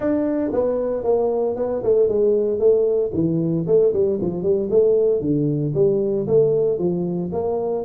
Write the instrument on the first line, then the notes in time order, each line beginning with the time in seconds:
tuba
0.00 D4
0.52 B3
1.03 A#3
1.56 B3
1.83 A3
2.08 G#3
2.59 A3
3.13 E3
3.66 A3
3.93 G3
4.21 F3
4.43 G3
4.70 A3
5.20 D3
5.74 G3
6.27 A3
6.78 F3
7.32 A#3